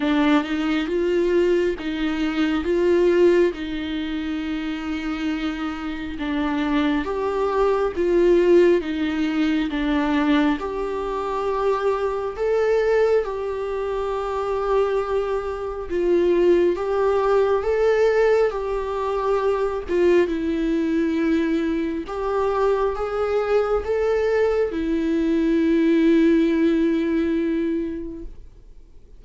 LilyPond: \new Staff \with { instrumentName = "viola" } { \time 4/4 \tempo 4 = 68 d'8 dis'8 f'4 dis'4 f'4 | dis'2. d'4 | g'4 f'4 dis'4 d'4 | g'2 a'4 g'4~ |
g'2 f'4 g'4 | a'4 g'4. f'8 e'4~ | e'4 g'4 gis'4 a'4 | e'1 | }